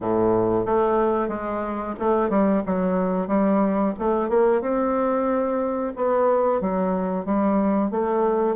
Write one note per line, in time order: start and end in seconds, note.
0.00 0.65 A2
0.65 1.28 A3
1.28 1.94 G#3
1.99 2.29 A3
2.29 2.62 G3
2.66 3.27 F#3
3.27 3.93 G3
3.98 4.29 A3
4.29 4.61 A#3
4.61 5.93 C4
5.96 6.61 B3
6.61 7.25 F#3
7.25 7.91 G3
7.91 8.56 A3